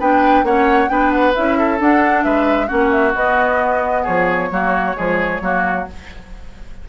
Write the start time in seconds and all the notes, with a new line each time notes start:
0.00 B3 D4 B4 G5
0.43 A#3 C#4 C#5 F#5
0.89 B3 D4 B4 G5
1.12 F#5
1.35 C#4 E4 E5
1.59 A4
1.78 D4 F#5
2.24 G#3 B4 E5
2.67 A#3 C#4 F#4 F#5
2.92 E5
3.15 B3 D#5
4.04 F3 G#4 C#5
4.51 F#3 A#3 F#4
4.95 F3 G#3 G#4
5.41 F#3 A#3 F#4